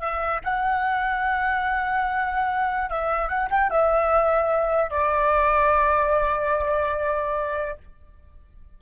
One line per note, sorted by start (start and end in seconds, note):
0.00 0.41 E5
0.44 2.90 F#5
2.90 3.29 E5
3.29 3.49 F#5
3.50 3.71 G5
3.71 4.91 E5
4.91 7.78 D5